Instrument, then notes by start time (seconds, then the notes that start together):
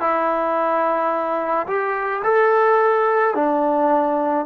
trombone
0.00 E4
1.67 G4
2.24 A4
3.35 D4